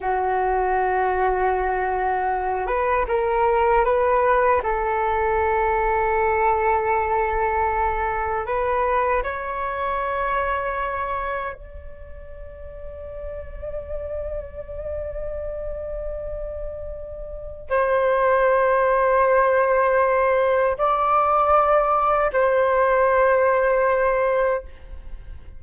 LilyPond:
\new Staff \with { instrumentName = "flute" } { \time 4/4 \tempo 4 = 78 fis'2.~ fis'8 b'8 | ais'4 b'4 a'2~ | a'2. b'4 | cis''2. d''4~ |
d''1~ | d''2. c''4~ | c''2. d''4~ | d''4 c''2. | }